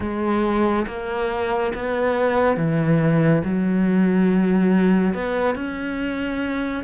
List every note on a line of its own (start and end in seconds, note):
0.00 0.86 G#3
0.87 1.73 A#3
1.74 2.56 B3
2.56 3.42 E3
3.44 5.14 F#3
5.14 5.55 B3
5.55 6.83 C#4